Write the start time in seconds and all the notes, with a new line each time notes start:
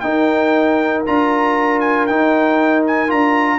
0.00 D#4 A#4 G5
1.06 D4 F4 A#5
1.80 G#5
2.06 D#4 G5
2.86 G#5
3.07 D4 F4 A#5